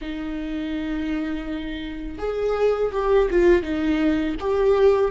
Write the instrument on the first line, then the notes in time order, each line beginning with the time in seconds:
viola
0.01 D#4
2.18 G#4
2.92 G4
3.30 F4
3.62 D#4
4.40 G4